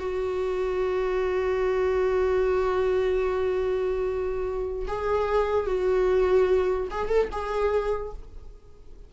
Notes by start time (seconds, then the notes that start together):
0.00 F#4
4.88 G#4
5.66 F#4
6.91 G#4
7.09 A4
7.32 G#4